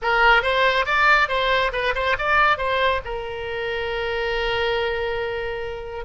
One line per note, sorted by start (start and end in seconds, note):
0.02 0.42 A#4
0.42 0.85 C5
0.85 1.28 D5
1.28 1.71 C5
1.72 1.94 B4
1.94 2.16 C5
2.18 2.57 D5
2.57 3.00 C5
3.04 6.05 A#4